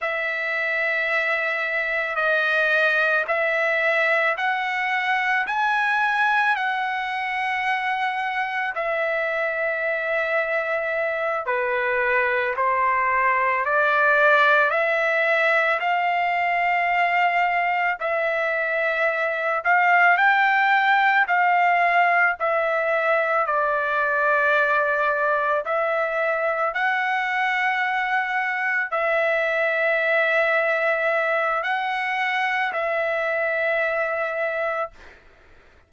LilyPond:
\new Staff \with { instrumentName = "trumpet" } { \time 4/4 \tempo 4 = 55 e''2 dis''4 e''4 | fis''4 gis''4 fis''2 | e''2~ e''8 b'4 c''8~ | c''8 d''4 e''4 f''4.~ |
f''8 e''4. f''8 g''4 f''8~ | f''8 e''4 d''2 e''8~ | e''8 fis''2 e''4.~ | e''4 fis''4 e''2 | }